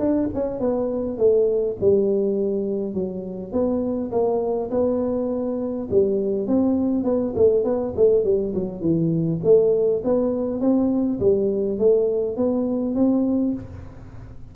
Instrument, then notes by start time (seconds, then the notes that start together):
tuba
0.00 D4
0.35 C#4
0.60 B3
1.18 A3
1.81 G3
2.94 F#3
3.53 B3
4.12 A#3
4.71 B3
5.91 G3
6.48 C4
7.05 B3
7.36 A3
7.65 B3
7.97 A3
8.25 G3
8.55 F#3
8.81 E3
9.44 A3
10.05 B3
10.61 C4
11.20 G3
11.79 A3
12.37 B3
12.95 C4